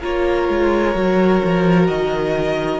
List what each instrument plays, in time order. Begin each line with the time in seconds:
0.00 cello A#3, viola F4, violin A#4 C#5
0.48 cello G#3
0.95 cello F#3, viola F#4
1.44 cello F3
1.87 cello D#3, violin D#5